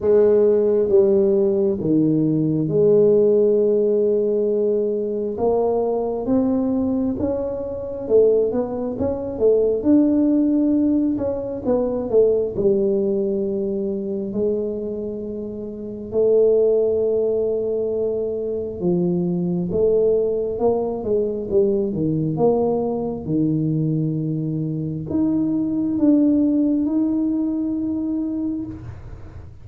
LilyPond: \new Staff \with { instrumentName = "tuba" } { \time 4/4 \tempo 4 = 67 gis4 g4 dis4 gis4~ | gis2 ais4 c'4 | cis'4 a8 b8 cis'8 a8 d'4~ | d'8 cis'8 b8 a8 g2 |
gis2 a2~ | a4 f4 a4 ais8 gis8 | g8 dis8 ais4 dis2 | dis'4 d'4 dis'2 | }